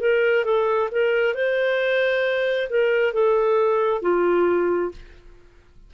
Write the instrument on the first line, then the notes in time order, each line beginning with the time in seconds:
clarinet
0.00 A#4
0.45 A4
0.91 A#4
1.34 C5
2.69 A#4
3.13 A4
4.01 F4